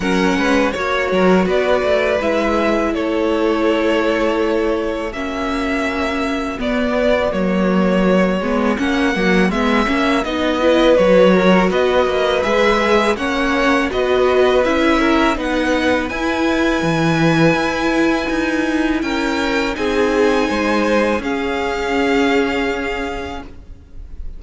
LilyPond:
<<
  \new Staff \with { instrumentName = "violin" } { \time 4/4 \tempo 4 = 82 fis''4 cis''4 d''4 e''4 | cis''2. e''4~ | e''4 d''4 cis''2 | fis''4 e''4 dis''4 cis''4 |
dis''4 e''4 fis''4 dis''4 | e''4 fis''4 gis''2~ | gis''2 g''4 gis''4~ | gis''4 f''2. | }
  \new Staff \with { instrumentName = "violin" } { \time 4/4 ais'8 b'8 cis''8 ais'8 b'2 | a'2. fis'4~ | fis'1~ | fis'2~ fis'8 b'4 ais'8 |
b'2 cis''4 b'4~ | b'8 ais'8 b'2.~ | b'2 ais'4 gis'4 | c''4 gis'2. | }
  \new Staff \with { instrumentName = "viola" } { \time 4/4 cis'4 fis'2 e'4~ | e'2. cis'4~ | cis'4 b4 ais4. b8 | cis'8 ais8 b8 cis'8 dis'8 e'8 fis'4~ |
fis'4 gis'4 cis'4 fis'4 | e'4 dis'4 e'2~ | e'2. dis'4~ | dis'4 cis'2. | }
  \new Staff \with { instrumentName = "cello" } { \time 4/4 fis8 gis8 ais8 fis8 b8 a8 gis4 | a2. ais4~ | ais4 b4 fis4. gis8 | ais8 fis8 gis8 ais8 b4 fis4 |
b8 ais8 gis4 ais4 b4 | cis'4 b4 e'4 e4 | e'4 dis'4 cis'4 c'4 | gis4 cis'2. | }
>>